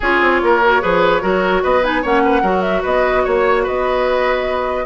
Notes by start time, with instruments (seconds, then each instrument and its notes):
0.00 bassoon C#4, clarinet F4, oboe G#4, flute C#5
0.21 bassoon C4
0.42 bassoon A#3, oboe A#4
0.63 clarinet F#4
0.80 bassoon F3, clarinet G#4, oboe B4
1.20 bassoon F#3, clarinet F#4, oboe A#4
1.63 bassoon B3, oboe B4, flute D#5
1.83 clarinet D#4, flute G#5
2.02 bassoon A#3, clarinet C#4, oboe C#5, flute F#5
2.24 oboe B4
2.41 bassoon F#3, clarinet F#4, oboe A#4
2.61 flute E5
2.82 bassoon B3, oboe B4, flute D#5
3.24 bassoon A#3, oboe C#5, flute C#5
3.63 bassoon B3, oboe B4, flute D#5